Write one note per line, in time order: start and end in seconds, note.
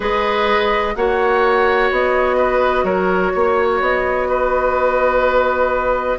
0.00 0.95 G#3
0.00 0.95 G#4
0.00 0.94 B4
0.00 0.95 D#5
0.95 1.90 A#3
0.95 6.18 F#4
0.95 2.37 C#5
0.95 1.90 F#5
1.90 2.83 B3
1.90 2.85 D#5
2.37 2.84 B4
2.83 3.31 F#3
2.83 3.33 A#4
2.83 3.80 C#5
3.33 3.80 A#3
3.33 4.28 C#5
3.80 6.18 B3
3.80 6.18 D#5
4.28 6.18 B4